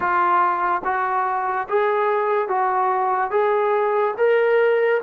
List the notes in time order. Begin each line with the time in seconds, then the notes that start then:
0.00 F4
0.84 F#4
1.69 G#4
2.48 F#4
3.31 G#4
4.17 A#4